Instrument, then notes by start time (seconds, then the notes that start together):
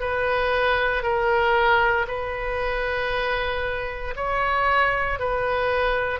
oboe
0.00 B4
1.03 A#4
2.07 B4
4.16 C#5
5.19 B4